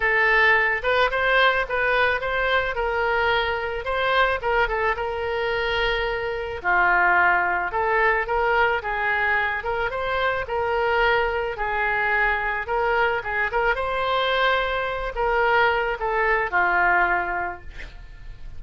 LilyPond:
\new Staff \with { instrumentName = "oboe" } { \time 4/4 \tempo 4 = 109 a'4. b'8 c''4 b'4 | c''4 ais'2 c''4 | ais'8 a'8 ais'2. | f'2 a'4 ais'4 |
gis'4. ais'8 c''4 ais'4~ | ais'4 gis'2 ais'4 | gis'8 ais'8 c''2~ c''8 ais'8~ | ais'4 a'4 f'2 | }